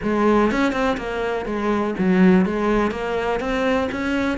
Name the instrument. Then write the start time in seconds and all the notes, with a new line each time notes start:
cello
0.02 G#3
0.51 C#4
0.72 C4
0.97 A#3
1.45 G#3
1.98 F#3
2.45 G#3
2.91 A#3
3.39 C4
3.91 C#4